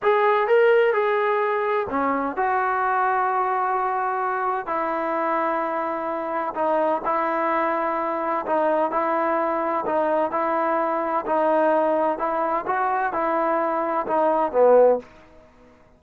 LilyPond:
\new Staff \with { instrumentName = "trombone" } { \time 4/4 \tempo 4 = 128 gis'4 ais'4 gis'2 | cis'4 fis'2.~ | fis'2 e'2~ | e'2 dis'4 e'4~ |
e'2 dis'4 e'4~ | e'4 dis'4 e'2 | dis'2 e'4 fis'4 | e'2 dis'4 b4 | }